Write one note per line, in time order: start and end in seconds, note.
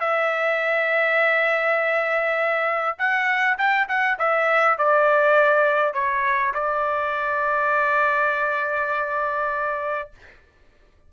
0.00 2.97 E5
2.98 3.58 F#5
3.58 3.88 G5
3.89 4.18 F#5
4.19 4.78 E5
4.78 5.94 D5
5.94 6.53 C#5
6.54 10.10 D5